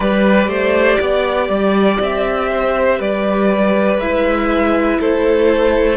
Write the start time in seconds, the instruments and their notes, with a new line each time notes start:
0.00 cello G3, viola G4, violin B4 D5
0.47 cello A3, violin C5
0.99 cello B3, violin D5
1.49 cello G3
2.00 cello C4, violin E5
2.51 violin C5
2.99 cello G3, violin B4 D5
3.98 cello G#3, viola E4, violin E5
4.99 cello A3, violin A4 C5